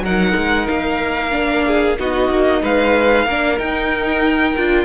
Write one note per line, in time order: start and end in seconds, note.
0.00 0.32 F#3
0.00 1.31 D#4
0.00 1.65 A#4
0.00 0.68 F#5
0.36 0.68 G#3
0.68 1.99 A#3
0.68 1.97 F5
1.31 1.96 D4
1.66 1.99 G#4
1.99 2.29 B3
1.99 3.28 D#4
1.99 2.62 F#4
1.99 2.64 D#5
2.29 2.61 A#3
2.62 3.26 G#3
2.62 3.26 B4
2.62 3.59 F5
3.26 3.58 A#3
3.26 3.57 D4
3.26 4.85 A#4
3.57 4.54 D#4
3.57 4.56 D#4
3.57 4.85 G5
4.56 4.85 D4
4.56 4.85 F4